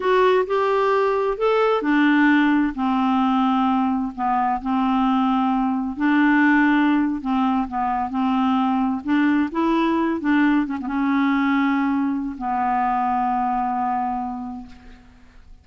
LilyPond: \new Staff \with { instrumentName = "clarinet" } { \time 4/4 \tempo 4 = 131 fis'4 g'2 a'4 | d'2 c'2~ | c'4 b4 c'2~ | c'4 d'2~ d'8. c'16~ |
c'8. b4 c'2 d'16~ | d'8. e'4. d'4 cis'16 b16 cis'16~ | cis'2. b4~ | b1 | }